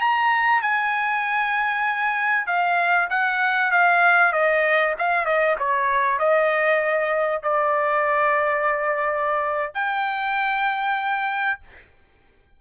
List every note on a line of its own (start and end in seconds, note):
0.00 0.62 A#5
0.62 2.47 G#5
2.47 3.08 F5
3.10 3.71 F#5
3.71 4.32 F5
4.32 4.94 D#5
4.99 5.25 F5
5.25 5.56 D#5
5.59 6.19 C#5
6.19 7.43 D#5
7.43 9.74 D5
9.74 11.60 G5